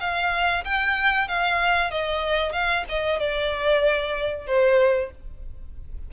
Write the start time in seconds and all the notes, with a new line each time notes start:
0.00 F5
0.64 G5
1.28 F5
1.91 D#5
2.52 F5
2.89 D#5
3.19 D5
4.47 C5